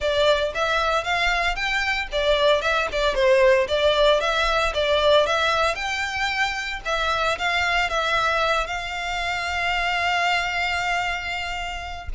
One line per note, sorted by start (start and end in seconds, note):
0.00 0.53 D5
0.54 1.04 E5
1.04 1.55 F5
1.55 2.08 G5
2.11 2.61 D5
2.61 2.88 E5
2.92 3.14 D5
3.14 3.67 C5
3.68 4.20 D5
4.20 4.73 E5
4.74 5.26 D5
5.26 5.75 E5
5.75 6.80 G5
6.85 7.38 E5
7.38 7.89 F5
7.89 8.66 E5
8.66 12.08 F5